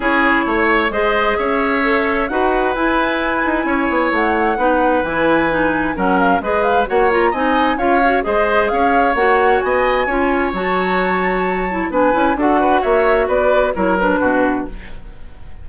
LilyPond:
<<
  \new Staff \with { instrumentName = "flute" } { \time 4/4 \tempo 4 = 131 cis''2 dis''4 e''4~ | e''4 fis''4 gis''2~ | gis''4 fis''2 gis''4~ | gis''4 fis''8 f''8 dis''8 f''8 fis''8 ais''8 |
gis''4 f''4 dis''4 f''4 | fis''4 gis''2 a''4~ | a''2 gis''4 fis''4 | e''4 d''4 cis''8 b'4. | }
  \new Staff \with { instrumentName = "oboe" } { \time 4/4 gis'4 cis''4 c''4 cis''4~ | cis''4 b'2. | cis''2 b'2~ | b'4 ais'4 b'4 cis''4 |
dis''4 cis''4 c''4 cis''4~ | cis''4 dis''4 cis''2~ | cis''2 b'4 a'8 b'8 | cis''4 b'4 ais'4 fis'4 | }
  \new Staff \with { instrumentName = "clarinet" } { \time 4/4 e'2 gis'2 | a'4 fis'4 e'2~ | e'2 dis'4 e'4 | dis'4 cis'4 gis'4 fis'8 f'8 |
dis'4 f'8 fis'8 gis'2 | fis'2 f'4 fis'4~ | fis'4. e'8 d'8 e'8 fis'4~ | fis'2 e'8 d'4. | }
  \new Staff \with { instrumentName = "bassoon" } { \time 4/4 cis'4 a4 gis4 cis'4~ | cis'4 dis'4 e'4. dis'8 | cis'8 b8 a4 b4 e4~ | e4 fis4 gis4 ais4 |
c'4 cis'4 gis4 cis'4 | ais4 b4 cis'4 fis4~ | fis2 b8 cis'8 d'4 | ais4 b4 fis4 b,4 | }
>>